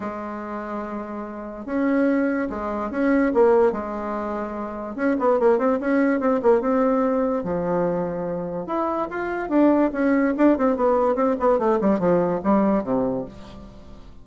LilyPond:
\new Staff \with { instrumentName = "bassoon" } { \time 4/4 \tempo 4 = 145 gis1 | cis'2 gis4 cis'4 | ais4 gis2. | cis'8 b8 ais8 c'8 cis'4 c'8 ais8 |
c'2 f2~ | f4 e'4 f'4 d'4 | cis'4 d'8 c'8 b4 c'8 b8 | a8 g8 f4 g4 c4 | }